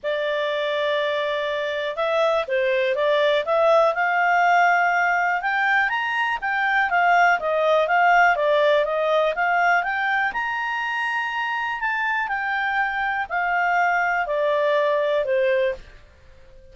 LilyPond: \new Staff \with { instrumentName = "clarinet" } { \time 4/4 \tempo 4 = 122 d''1 | e''4 c''4 d''4 e''4 | f''2. g''4 | ais''4 g''4 f''4 dis''4 |
f''4 d''4 dis''4 f''4 | g''4 ais''2. | a''4 g''2 f''4~ | f''4 d''2 c''4 | }